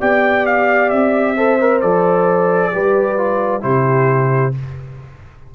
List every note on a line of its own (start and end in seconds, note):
0.00 0.92 B3
0.00 1.37 G4
0.00 1.36 D5
0.00 0.47 G5
0.47 0.90 F5
0.90 1.83 C4
0.90 1.81 E5
1.37 1.59 A4
1.37 2.73 C5
1.61 1.83 A#4
1.81 2.74 F3
1.81 2.72 A4
1.81 3.63 D5
2.72 3.64 G3
2.72 3.18 G4
2.72 3.63 B4
3.18 3.61 F4
3.61 4.55 C3
3.61 4.52 E4
3.61 4.54 G4
3.61 4.54 C5